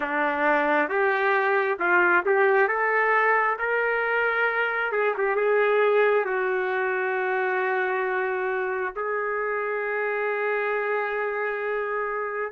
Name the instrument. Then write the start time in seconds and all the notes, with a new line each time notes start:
trumpet
0.00 D4
0.88 G4
1.79 F4
2.25 G4
2.68 A4
3.58 A#4
4.92 G#4
5.17 G4
5.35 G#4
6.24 F#4
8.96 G#4